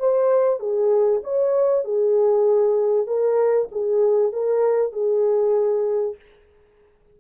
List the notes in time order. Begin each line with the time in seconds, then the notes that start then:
0.00 C5
0.60 G#4
1.24 C#5
1.85 G#4
3.07 A#4
3.72 G#4
4.33 A#4
4.93 G#4